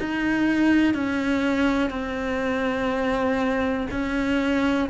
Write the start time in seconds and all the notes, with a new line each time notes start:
0.00 D#4
0.94 C#4
1.90 C4
3.91 C#4